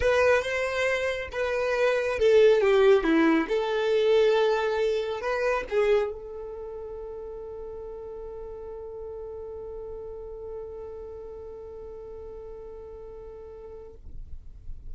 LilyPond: \new Staff \with { instrumentName = "violin" } { \time 4/4 \tempo 4 = 138 b'4 c''2 b'4~ | b'4 a'4 g'4 e'4 | a'1 | b'4 gis'4 a'2~ |
a'1~ | a'1~ | a'1~ | a'1 | }